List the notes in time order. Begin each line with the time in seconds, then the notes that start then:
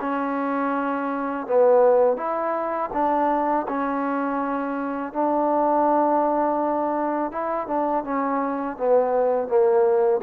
0.00 C#4
1.46 B3
2.17 E4
2.93 D4
3.68 C#4
5.12 D4
7.31 E4
7.67 D4
8.04 C#4
8.77 B3
9.47 A#3